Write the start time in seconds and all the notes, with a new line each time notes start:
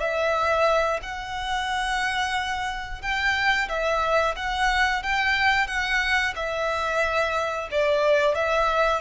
0.00 E5
1.02 F#5
3.02 G5
3.69 E5
4.36 F#5
5.03 G5
5.67 F#5
6.35 E5
7.72 D5
8.35 E5